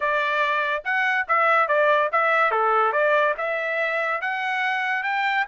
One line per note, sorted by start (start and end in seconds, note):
0.00 0.83 D5
0.84 1.26 F#5
1.27 1.68 E5
1.68 2.10 D5
2.12 2.51 E5
2.51 2.92 A4
2.92 3.34 D5
3.37 4.21 E5
4.21 5.03 F#5
5.03 5.45 G5